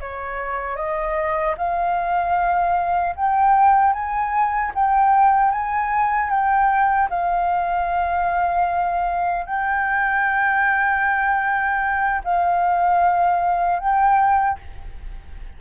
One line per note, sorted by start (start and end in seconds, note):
0.00 0.76 C#5
0.76 1.55 D#5
1.57 3.15 F5
3.15 3.93 G5
3.93 4.72 G#5
4.74 5.51 G5
5.51 6.29 G#5
6.29 7.08 G5
7.09 9.46 F5
9.46 12.22 G5
12.24 13.79 F5
13.79 14.58 G5